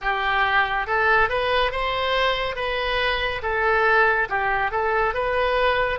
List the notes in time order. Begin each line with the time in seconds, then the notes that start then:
0.01 G4
0.86 A4
1.29 B4
1.71 C5
2.55 B4
3.42 A4
4.29 G4
4.71 A4
5.14 B4